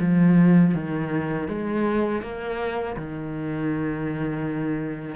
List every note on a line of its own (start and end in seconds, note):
0.00 0.74 F3
0.74 1.47 D#3
1.47 2.22 G#3
2.22 2.96 A#3
2.96 5.15 D#3